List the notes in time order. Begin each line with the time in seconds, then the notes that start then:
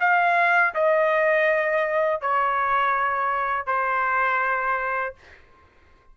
0.00 F5
0.74 D#5
2.21 C#5
3.66 C5